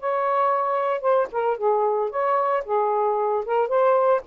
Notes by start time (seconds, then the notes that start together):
0.00 C#5
1.01 C5
1.32 A#4
1.58 G#4
2.10 C#5
2.65 G#4
3.46 A#4
3.69 C5